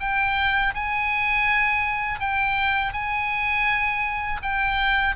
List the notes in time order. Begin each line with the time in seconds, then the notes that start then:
0.00 G5
0.74 G#5
2.20 G5
2.93 G#5
4.42 G5